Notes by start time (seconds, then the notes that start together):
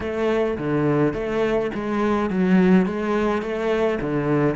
0.00 A3
0.58 D3
1.13 A3
1.74 G#3
2.30 F#3
2.86 G#3
3.41 A3
4.00 D3